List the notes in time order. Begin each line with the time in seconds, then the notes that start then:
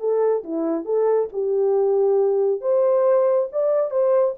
0.00 A4
0.44 E4
0.86 A4
1.33 G4
2.62 C5
3.52 D5
3.91 C5